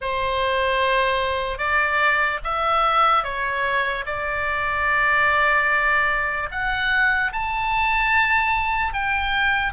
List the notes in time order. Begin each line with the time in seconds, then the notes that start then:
0.01 C5
1.58 D5
2.44 E5
3.23 C#5
4.05 D5
6.51 F#5
7.32 A5
8.93 G5